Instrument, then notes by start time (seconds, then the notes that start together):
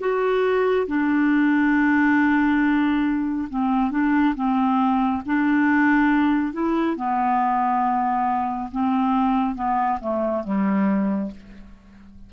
clarinet
0.00 F#4
0.88 D4
3.50 C4
3.91 D4
4.36 C4
5.26 D4
6.53 E4
6.97 B3
8.72 C4
9.55 B3
10.01 A3
10.44 G3